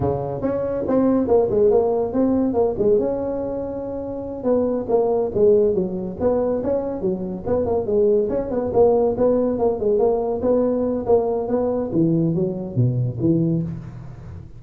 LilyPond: \new Staff \with { instrumentName = "tuba" } { \time 4/4 \tempo 4 = 141 cis4 cis'4 c'4 ais8 gis8 | ais4 c'4 ais8 gis8 cis'4~ | cis'2~ cis'8 b4 ais8~ | ais8 gis4 fis4 b4 cis'8~ |
cis'8 fis4 b8 ais8 gis4 cis'8 | b8 ais4 b4 ais8 gis8 ais8~ | ais8 b4. ais4 b4 | e4 fis4 b,4 e4 | }